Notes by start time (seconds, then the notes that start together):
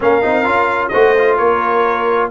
0.00 A#3 C#4 A#4 F5
0.22 C4 D#4
0.44 C#4 F4
0.88 A3 F#4 C5 D#5
1.18 F4
1.37 A#3 A#4 C#5